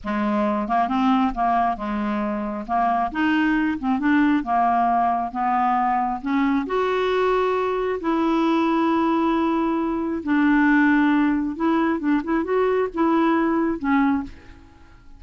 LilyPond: \new Staff \with { instrumentName = "clarinet" } { \time 4/4 \tempo 4 = 135 gis4. ais8 c'4 ais4 | gis2 ais4 dis'4~ | dis'8 c'8 d'4 ais2 | b2 cis'4 fis'4~ |
fis'2 e'2~ | e'2. d'4~ | d'2 e'4 d'8 e'8 | fis'4 e'2 cis'4 | }